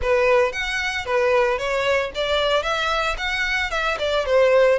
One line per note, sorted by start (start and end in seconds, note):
0.02 0.52 B4
0.52 1.05 F#5
1.05 1.58 B4
1.58 2.11 C#5
2.14 2.63 D5
2.63 3.16 E5
3.17 3.70 F#5
3.70 3.97 E5
3.98 4.25 D5
4.25 4.78 C5